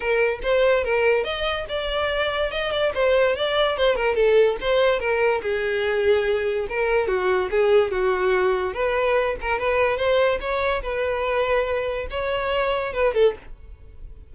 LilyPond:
\new Staff \with { instrumentName = "violin" } { \time 4/4 \tempo 4 = 144 ais'4 c''4 ais'4 dis''4 | d''2 dis''8 d''8 c''4 | d''4 c''8 ais'8 a'4 c''4 | ais'4 gis'2. |
ais'4 fis'4 gis'4 fis'4~ | fis'4 b'4. ais'8 b'4 | c''4 cis''4 b'2~ | b'4 cis''2 b'8 a'8 | }